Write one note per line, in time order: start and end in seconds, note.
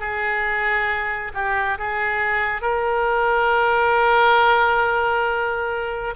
0.00 1.32 G#4
1.34 1.78 G4
1.78 2.62 G#4
2.62 6.15 A#4